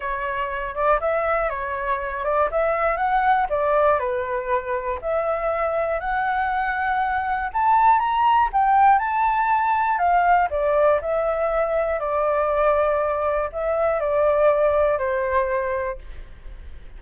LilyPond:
\new Staff \with { instrumentName = "flute" } { \time 4/4 \tempo 4 = 120 cis''4. d''8 e''4 cis''4~ | cis''8 d''8 e''4 fis''4 d''4 | b'2 e''2 | fis''2. a''4 |
ais''4 g''4 a''2 | f''4 d''4 e''2 | d''2. e''4 | d''2 c''2 | }